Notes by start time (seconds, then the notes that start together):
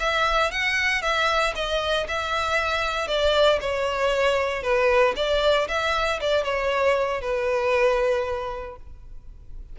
0.00 E5
0.52 F#5
1.02 E5
1.55 D#5
2.09 E5
3.08 D5
3.61 C#5
4.63 B4
5.16 D5
5.68 E5
6.21 D5
6.44 C#5
7.21 B4